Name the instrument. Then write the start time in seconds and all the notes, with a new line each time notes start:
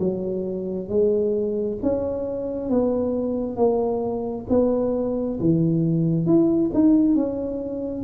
tuba
0.00 F#3
0.89 G#3
1.83 C#4
2.70 B3
3.57 A#3
4.49 B3
5.40 E3
6.26 E4
6.74 D#4
7.15 C#4